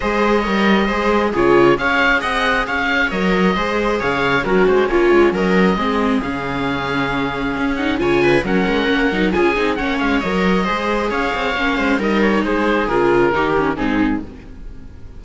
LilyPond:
<<
  \new Staff \with { instrumentName = "oboe" } { \time 4/4 \tempo 4 = 135 dis''2. cis''4 | f''4 fis''4 f''4 dis''4~ | dis''4 f''4 ais'8 c''8 cis''4 | dis''2 f''2~ |
f''4. fis''8 gis''4 fis''4~ | fis''4 gis''4 fis''8 f''8 dis''4~ | dis''4 f''2 dis''8 cis''8 | c''4 ais'2 gis'4 | }
  \new Staff \with { instrumentName = "viola" } { \time 4/4 c''4 cis''4 c''4 gis'4 | cis''4 dis''4 cis''2 | c''4 cis''4 fis'4 f'4 | ais'4 gis'2.~ |
gis'2 cis''8 b'8 ais'4~ | ais'4 gis'4 cis''2 | c''4 cis''4. c''8 ais'4 | gis'2 g'4 dis'4 | }
  \new Staff \with { instrumentName = "viola" } { \time 4/4 gis'4 ais'4 gis'4 f'4 | gis'2. ais'4 | gis'2 cis'2~ | cis'4 c'4 cis'2~ |
cis'4. dis'8 f'4 cis'4~ | cis'8 dis'8 f'8 dis'8 cis'4 ais'4 | gis'2 cis'4 dis'4~ | dis'4 f'4 dis'8 cis'8 c'4 | }
  \new Staff \with { instrumentName = "cello" } { \time 4/4 gis4 g4 gis4 cis4 | cis'4 c'4 cis'4 fis4 | gis4 cis4 fis8 gis8 ais8 gis8 | fis4 gis4 cis2~ |
cis4 cis'4 cis4 fis8 gis8 | ais8 fis8 cis'8 c'8 ais8 gis8 fis4 | gis4 cis'8 c'8 ais8 gis8 g4 | gis4 cis4 dis4 gis,4 | }
>>